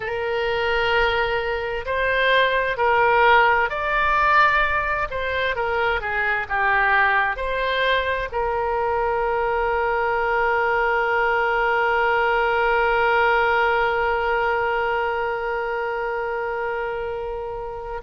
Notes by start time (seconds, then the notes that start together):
0.00 A#4
1.85 C5
2.77 A#4
3.69 D5
5.10 C5
5.56 A#4
6.00 G#4
6.48 G4
7.36 C5
8.32 A#4